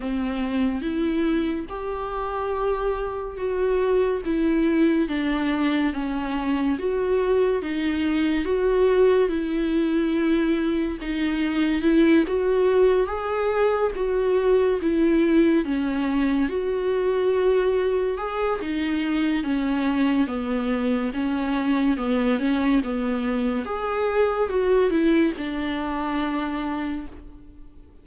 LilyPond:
\new Staff \with { instrumentName = "viola" } { \time 4/4 \tempo 4 = 71 c'4 e'4 g'2 | fis'4 e'4 d'4 cis'4 | fis'4 dis'4 fis'4 e'4~ | e'4 dis'4 e'8 fis'4 gis'8~ |
gis'8 fis'4 e'4 cis'4 fis'8~ | fis'4. gis'8 dis'4 cis'4 | b4 cis'4 b8 cis'8 b4 | gis'4 fis'8 e'8 d'2 | }